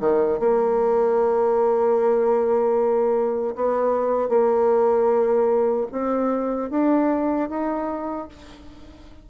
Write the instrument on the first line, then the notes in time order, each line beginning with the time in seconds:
bassoon
0.00 D#3
0.39 A#3
3.56 B3
4.29 A#3
5.92 C4
6.70 D4
7.49 D#4